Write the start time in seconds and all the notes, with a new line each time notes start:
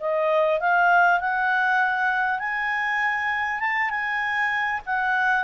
0.00 D#5
0.60 F5
1.20 F#5
2.39 G#5
3.60 A5
3.90 G#5
4.86 F#5